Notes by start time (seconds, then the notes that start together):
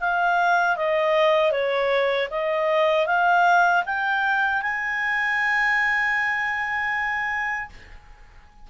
0.00 F5
0.76 D#5
1.51 C#5
2.30 D#5
3.06 F5
3.85 G5
4.62 G#5